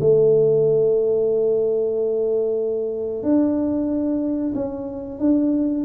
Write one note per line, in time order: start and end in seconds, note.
0.00 3.23 A3
3.23 4.53 D4
4.54 5.19 C#4
5.19 5.84 D4